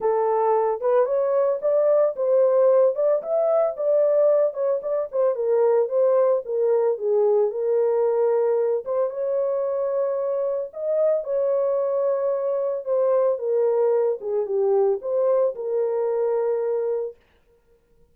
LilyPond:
\new Staff \with { instrumentName = "horn" } { \time 4/4 \tempo 4 = 112 a'4. b'8 cis''4 d''4 | c''4. d''8 e''4 d''4~ | d''8 cis''8 d''8 c''8 ais'4 c''4 | ais'4 gis'4 ais'2~ |
ais'8 c''8 cis''2. | dis''4 cis''2. | c''4 ais'4. gis'8 g'4 | c''4 ais'2. | }